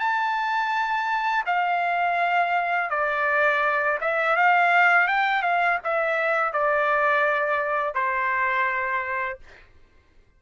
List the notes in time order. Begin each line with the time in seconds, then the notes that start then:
0.00 A5
1.46 F5
2.90 D5
4.02 E5
4.37 F5
5.08 G5
5.43 F5
5.85 E5
6.53 D5
7.95 C5